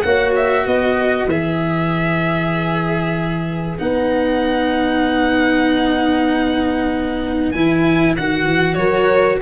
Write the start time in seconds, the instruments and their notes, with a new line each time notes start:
0.00 tuba A#3, cello F#4, horn C#5, violin F#5
0.36 violin E5
0.65 tuba B3, horn B4, violin D#5
1.26 tuba E3, cello G#4, violin E5
3.77 tuba B3, cello D#4, violin F#5
7.51 tuba E3, cello E4, violin G#5
8.17 tuba D#3, cello F#4, violin F#5
8.45 tuba E3
8.74 tuba F#3, horn A#4, violin C#5